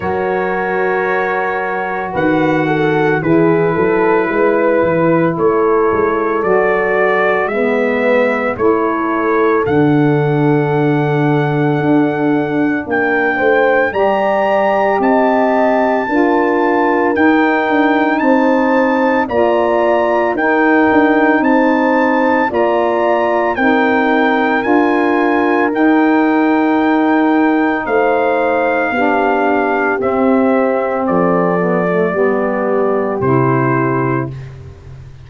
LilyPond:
<<
  \new Staff \with { instrumentName = "trumpet" } { \time 4/4 \tempo 4 = 56 cis''2 fis''4 b'4~ | b'4 cis''4 d''4 e''4 | cis''4 fis''2. | g''4 ais''4 a''2 |
g''4 a''4 ais''4 g''4 | a''4 ais''4 g''4 gis''4 | g''2 f''2 | e''4 d''2 c''4 | }
  \new Staff \with { instrumentName = "horn" } { \time 4/4 ais'2 b'8 a'8 gis'8 a'8 | b'4 a'2 b'4 | a'1 | ais'8 c''8 d''4 dis''4 ais'4~ |
ais'4 c''4 d''4 ais'4 | c''4 d''4 ais'2~ | ais'2 c''4 g'4~ | g'4 a'4 g'2 | }
  \new Staff \with { instrumentName = "saxophone" } { \time 4/4 fis'2. e'4~ | e'2 fis'4 b4 | e'4 d'2.~ | d'4 g'2 f'4 |
dis'2 f'4 dis'4~ | dis'4 f'4 dis'4 f'4 | dis'2. d'4 | c'4. b16 a16 b4 e'4 | }
  \new Staff \with { instrumentName = "tuba" } { \time 4/4 fis2 dis4 e8 fis8 | gis8 e8 a8 gis8 fis4 gis4 | a4 d2 d'4 | ais8 a8 g4 c'4 d'4 |
dis'8 d'8 c'4 ais4 dis'8 d'8 | c'4 ais4 c'4 d'4 | dis'2 a4 b4 | c'4 f4 g4 c4 | }
>>